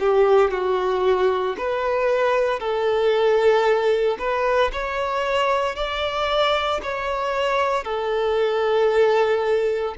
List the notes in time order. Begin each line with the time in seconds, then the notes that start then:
0.00 G4
0.51 F#4
1.58 B4
2.60 A4
4.19 B4
4.73 C#5
5.76 D5
6.83 C#5
7.85 A4